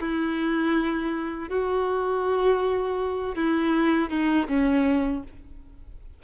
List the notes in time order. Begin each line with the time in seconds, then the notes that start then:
0.00 E4
1.49 F#4
3.35 E4
4.10 D#4
4.48 C#4